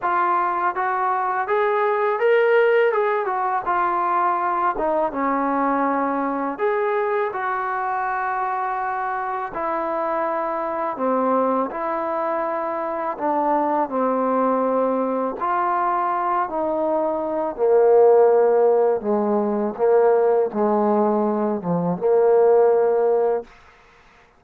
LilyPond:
\new Staff \with { instrumentName = "trombone" } { \time 4/4 \tempo 4 = 82 f'4 fis'4 gis'4 ais'4 | gis'8 fis'8 f'4. dis'8 cis'4~ | cis'4 gis'4 fis'2~ | fis'4 e'2 c'4 |
e'2 d'4 c'4~ | c'4 f'4. dis'4. | ais2 gis4 ais4 | gis4. f8 ais2 | }